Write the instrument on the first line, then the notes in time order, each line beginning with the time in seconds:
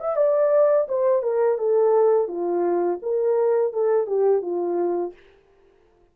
horn
0.00 E5
0.16 D5
0.88 C5
1.23 A#4
1.58 A4
2.28 F4
3.02 A#4
3.73 A4
4.07 G4
4.42 F4